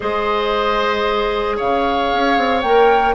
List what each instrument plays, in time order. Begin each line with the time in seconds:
0.00 bassoon G#3, clarinet G#4, oboe C5, flute D#5
1.56 bassoon C#3, oboe C#5, flute F5
2.13 bassoon C#4
2.37 bassoon C4
2.61 bassoon A#3, clarinet A#4, flute G5